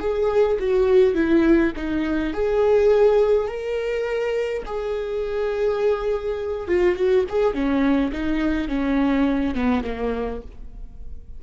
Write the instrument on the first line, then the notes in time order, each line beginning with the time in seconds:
viola
0.00 G#4
0.60 F#4
1.15 E4
1.76 D#4
2.34 G#4
3.48 A#4
4.66 G#4
6.68 F4
6.96 F#4
7.29 G#4
7.54 C#4
8.12 D#4
8.68 C#4
9.55 B3
9.84 A#3